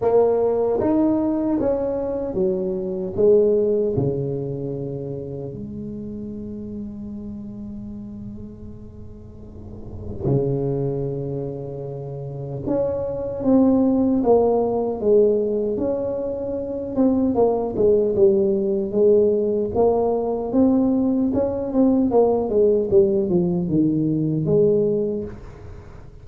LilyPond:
\new Staff \with { instrumentName = "tuba" } { \time 4/4 \tempo 4 = 76 ais4 dis'4 cis'4 fis4 | gis4 cis2 gis4~ | gis1~ | gis4 cis2. |
cis'4 c'4 ais4 gis4 | cis'4. c'8 ais8 gis8 g4 | gis4 ais4 c'4 cis'8 c'8 | ais8 gis8 g8 f8 dis4 gis4 | }